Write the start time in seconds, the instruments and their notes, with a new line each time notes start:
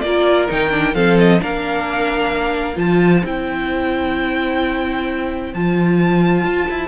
0.00 cello A#3, viola F4, violin A#4 D5
0.48 cello D#3, viola D#4, violin G5
0.70 viola D4
0.94 cello F3, viola C4, violin A4 F5
1.18 violin D#5
1.39 cello A#3, viola D4, violin A#4 F5
2.75 cello F3, viola F4, violin C5 A5
3.24 cello C4, viola E4, violin G5
5.53 cello F3, viola F4, violin A5
6.44 cello F4
6.70 cello E4